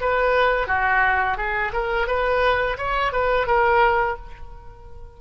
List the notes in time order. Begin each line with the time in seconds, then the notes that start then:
0.00 B4
0.67 F#4
1.37 G#4
1.73 A#4
2.07 B4
2.77 C#5
3.12 B4
3.47 A#4